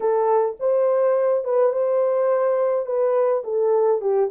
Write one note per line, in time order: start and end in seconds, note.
0.00 0.56 A4
0.59 1.44 C5
1.44 1.72 B4
1.72 2.86 C5
2.86 3.43 B4
3.44 4.01 A4
4.01 4.29 G4